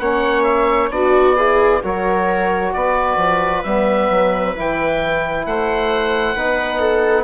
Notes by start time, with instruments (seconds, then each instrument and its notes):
0.00 bassoon A#3, trombone C#4, viola C#5, oboe F#5
0.44 oboe E5
0.91 bassoon B3, trombone D4, viola F#4, oboe D5
1.37 trombone E4, viola G#4
1.83 bassoon F#3, trombone F#4, viola A#4, oboe C#5
2.74 bassoon B3, viola B4, oboe D5
3.17 bassoon F3
3.64 bassoon G3, trombone B3, oboe E5
4.10 bassoon F#3
4.55 bassoon E3, trombone E4, oboe G5
5.46 bassoon A3, viola C5, oboe F#5
6.35 bassoon B3, trombone D#4, viola B4
6.79 viola A4